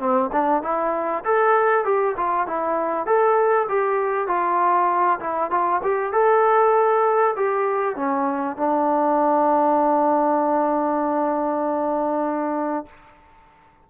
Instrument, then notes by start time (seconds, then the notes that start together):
trombone
0.00 C4
0.33 D4
0.63 E4
1.25 A4
1.85 G4
2.17 F4
2.47 E4
3.07 A4
3.69 G4
4.28 F4
5.20 E4
5.51 F4
5.83 G4
6.13 A4
7.37 G4
7.96 C#4
8.58 D4